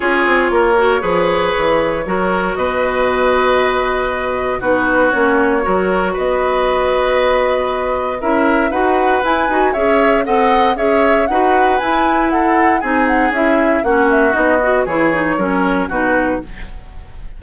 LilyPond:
<<
  \new Staff \with { instrumentName = "flute" } { \time 4/4 \tempo 4 = 117 cis''1~ | cis''4 dis''2.~ | dis''4 b'4 cis''2 | dis''1 |
e''4 fis''4 gis''4 e''4 | fis''4 e''4 fis''4 gis''4 | fis''4 gis''8 fis''8 e''4 fis''8 e''8 | dis''4 cis''2 b'4 | }
  \new Staff \with { instrumentName = "oboe" } { \time 4/4 gis'4 ais'4 b'2 | ais'4 b'2.~ | b'4 fis'2 ais'4 | b'1 |
ais'4 b'2 cis''4 | dis''4 cis''4 b'2 | a'4 gis'2 fis'4~ | fis'4 gis'4 ais'4 fis'4 | }
  \new Staff \with { instrumentName = "clarinet" } { \time 4/4 f'4. fis'8 gis'2 | fis'1~ | fis'4 dis'4 cis'4 fis'4~ | fis'1 |
e'4 fis'4 e'8 fis'8 gis'4 | a'4 gis'4 fis'4 e'4~ | e'4 dis'4 e'4 cis'4 | dis'8 fis'8 e'8 dis'8 cis'4 dis'4 | }
  \new Staff \with { instrumentName = "bassoon" } { \time 4/4 cis'8 c'8 ais4 f4 e4 | fis4 b,2.~ | b,4 b4 ais4 fis4 | b1 |
cis'4 dis'4 e'8 dis'8 cis'4 | c'4 cis'4 dis'4 e'4~ | e'4 c'4 cis'4 ais4 | b4 e4 fis4 b,4 | }
>>